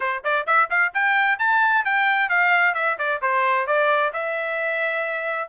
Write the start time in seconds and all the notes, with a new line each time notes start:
0.00 C5
0.24 D5
0.46 E5
0.70 F5
0.94 G5
1.38 A5
1.84 G5
2.29 F5
2.74 E5
2.98 D5
3.21 C5
3.66 D5
4.13 E5